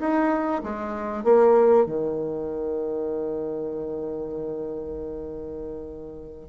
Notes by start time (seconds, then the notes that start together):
0.00 D#4
0.64 G#3
1.24 A#3
1.86 D#3